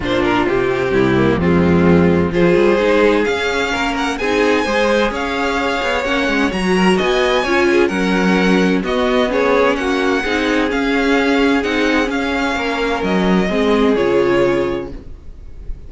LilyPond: <<
  \new Staff \with { instrumentName = "violin" } { \time 4/4 \tempo 4 = 129 c''8 ais'8 g'2 f'4~ | f'4 c''2 f''4~ | f''8 fis''8 gis''2 f''4~ | f''4 fis''4 ais''4 gis''4~ |
gis''4 fis''2 dis''4 | cis''4 fis''2 f''4~ | f''4 fis''4 f''2 | dis''2 cis''2 | }
  \new Staff \with { instrumentName = "violin" } { \time 4/4 f'2 e'4 c'4~ | c'4 gis'2. | ais'4 gis'4 c''4 cis''4~ | cis''2~ cis''8 ais'8 dis''4 |
cis''8 gis'8 ais'2 fis'4 | gis'4 fis'4 gis'2~ | gis'2. ais'4~ | ais'4 gis'2. | }
  \new Staff \with { instrumentName = "viola" } { \time 4/4 d'4 c'4. ais8 gis4~ | gis4 f'4 dis'4 cis'4~ | cis'4 dis'4 gis'2~ | gis'4 cis'4 fis'2 |
f'4 cis'2 b4 | cis'2 dis'4 cis'4~ | cis'4 dis'4 cis'2~ | cis'4 c'4 f'2 | }
  \new Staff \with { instrumentName = "cello" } { \time 4/4 ais,4 c4 c,4 f,4~ | f,4 f8 g8 gis4 cis'4 | ais4 c'4 gis4 cis'4~ | cis'8 b8 ais8 gis8 fis4 b4 |
cis'4 fis2 b4~ | b4 ais4 c'4 cis'4~ | cis'4 c'4 cis'4 ais4 | fis4 gis4 cis2 | }
>>